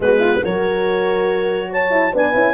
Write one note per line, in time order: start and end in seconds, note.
0.00 0.39 G#3
0.00 0.42 B3
0.00 0.19 F#4
0.00 0.43 B4
0.19 0.40 F4
0.42 2.13 F#3
0.42 1.90 F#4
0.42 1.70 A#4
0.42 1.71 C#5
1.70 2.12 C#5
1.70 2.14 A5
1.90 2.11 E4
2.12 2.34 B3
2.12 2.33 D4
2.12 2.53 B4
2.12 2.53 G#5
2.33 2.53 C#4
2.33 2.53 E4